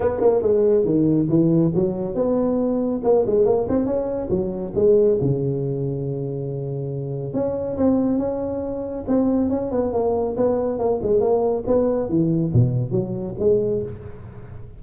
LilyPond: \new Staff \with { instrumentName = "tuba" } { \time 4/4 \tempo 4 = 139 b8 ais8 gis4 dis4 e4 | fis4 b2 ais8 gis8 | ais8 c'8 cis'4 fis4 gis4 | cis1~ |
cis4 cis'4 c'4 cis'4~ | cis'4 c'4 cis'8 b8 ais4 | b4 ais8 gis8 ais4 b4 | e4 b,4 fis4 gis4 | }